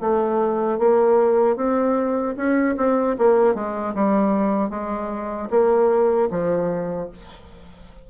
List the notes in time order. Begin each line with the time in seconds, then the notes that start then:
0.00 A3
0.78 A#3
1.56 C4
2.36 C#4
2.77 C4
3.18 A#3
3.54 G#3
3.94 G3
4.70 G#3
5.50 A#3
6.31 F3